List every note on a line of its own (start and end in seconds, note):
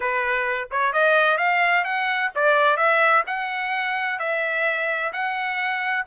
0.00 0.68 B4
0.71 0.92 C#5
0.92 1.37 D#5
1.37 1.84 F5
1.84 2.30 F#5
2.35 2.77 D5
2.77 3.23 E5
3.26 4.19 F#5
4.19 5.12 E5
5.12 6.05 F#5